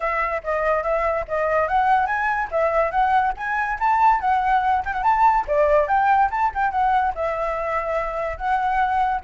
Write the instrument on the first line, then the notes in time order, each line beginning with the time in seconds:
flute
0.00 E5
0.43 D#5
0.83 E5
1.28 D#5
1.68 F#5
2.06 G#5
2.51 E5
2.91 F#5
3.37 G#5
3.79 A5
4.20 F#5
4.85 G5
4.93 F#5
5.03 A5
5.47 D5
5.87 G5
6.31 A5
6.54 G5
6.71 F#5
7.15 E5
8.37 F#5